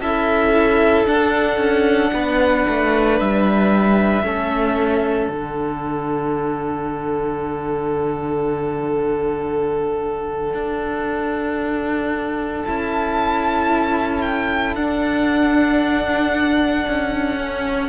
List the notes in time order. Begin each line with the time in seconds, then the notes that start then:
0.00 C#4 E4 A4 E5
1.06 D4 F#5
1.57 C#4
2.13 B3 B4
2.68 A3
3.19 G3 E5
4.23 A3 C#4 A4
5.27 D3 D4 F#5
10.54 D4
12.65 C#4 E4 A5
14.21 G5
14.75 D4 F#5
16.88 C#4
17.37 C#4